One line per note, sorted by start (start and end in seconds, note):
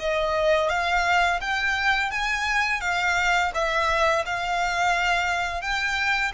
0.00 0.70 D#5
0.70 1.40 F5
1.41 2.11 G5
2.11 2.81 G#5
2.81 3.52 F5
3.55 4.25 E5
4.26 5.62 F5
5.62 6.32 G5